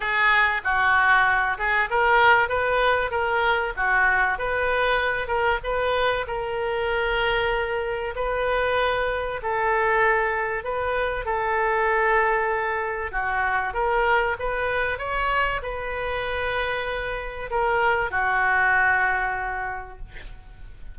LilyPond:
\new Staff \with { instrumentName = "oboe" } { \time 4/4 \tempo 4 = 96 gis'4 fis'4. gis'8 ais'4 | b'4 ais'4 fis'4 b'4~ | b'8 ais'8 b'4 ais'2~ | ais'4 b'2 a'4~ |
a'4 b'4 a'2~ | a'4 fis'4 ais'4 b'4 | cis''4 b'2. | ais'4 fis'2. | }